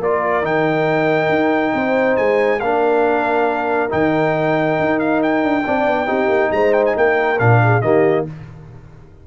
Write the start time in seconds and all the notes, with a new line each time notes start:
0.00 A#3 F4 A#4 D5
0.42 D#3 D#4 G5
1.29 D#4
1.74 C4 C5
2.17 G#3 G#5
2.60 A#3 D4 A#4 F5
3.89 D#3 D#4 G5
4.80 D#4
5.00 F5
5.23 G5
5.44 D4
5.66 C4 D4 D5
5.87 B3
6.06 C4 D#4 G4
6.28 A#3
6.52 G#3 C5 A#5
6.73 G5
6.86 G#5
6.97 A#3 A#4 G5
7.39 A#2 D4 F5
7.63 G#4
7.82 D#3 A#3 G4 D#5